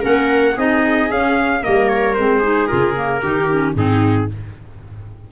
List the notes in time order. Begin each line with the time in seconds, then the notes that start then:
0.00 A#3 C#4 A#4 F#5
0.55 C4 D#4 G#4 D#5
1.10 C#4 F5
1.61 G3 A#3 A#4 D#5
1.88 C#5
2.14 G#3 C4 C5
2.38 D#4 G#4
2.67 C#3 F4 A#4
2.94 A#3
3.22 D#3 D#4 G4
3.50 C#4
3.75 G#2 C4 D#4 G#4